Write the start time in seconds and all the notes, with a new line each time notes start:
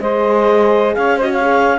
0.00 G#3 G#4 C5 D#5
0.95 C#4 C#5 F5
1.16 F#4 C5 D#5
1.31 C#5 F5
1.41 G#4